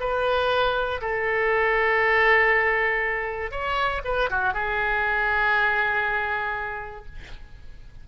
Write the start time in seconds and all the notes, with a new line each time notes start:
0.00 B4
1.01 A4
3.51 C#5
4.05 B4
4.30 F#4
4.54 G#4